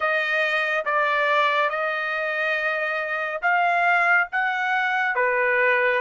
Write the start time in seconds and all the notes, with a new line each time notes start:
0.00 D#5
0.85 D5
1.69 D#5
3.42 F5
4.32 F#5
5.15 B4